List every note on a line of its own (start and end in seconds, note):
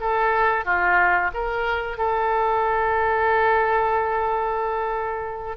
0.00 0.65 A4
0.65 1.31 F4
1.34 1.98 A#4
1.98 5.57 A4